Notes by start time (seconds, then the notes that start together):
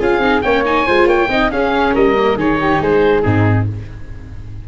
0.00 C#4 F4 G#4 F5
0.18 C4 D#4
0.42 A#3 C#4 C#5 G5
0.65 D#4 G#5
0.86 G#3 F4 C5
1.06 A#3 C#5 G5
1.28 C4 D#4 D#5
1.50 C#4 G#4 F5
1.94 G3 A#4 D#5
2.16 A#3
2.35 D#3 D#4 G#4 C#5
2.61 G4
2.81 G#3 G#4 C5
3.22 G#2 C4 D#4 G#4